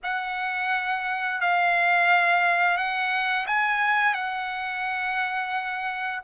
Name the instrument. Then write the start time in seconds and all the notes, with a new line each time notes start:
trumpet
0.03 F#5
1.40 F5
2.77 F#5
3.46 G#5
4.14 F#5